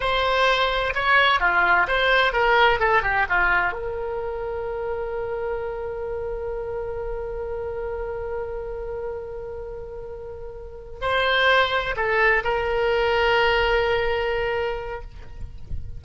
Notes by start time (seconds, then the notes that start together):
0.00 C5
0.94 C#5
1.40 F4
1.87 C5
2.32 A#4
2.79 A4
3.02 G4
3.29 F4
3.72 A#4
11.01 C5
11.96 A4
12.43 A#4